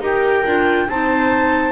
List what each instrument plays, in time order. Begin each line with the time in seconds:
0.00 double bass D#4, clarinet G4 G5, viola A#4
0.45 double bass D4, clarinet F4
0.89 double bass C4, clarinet D#4 A5, viola C5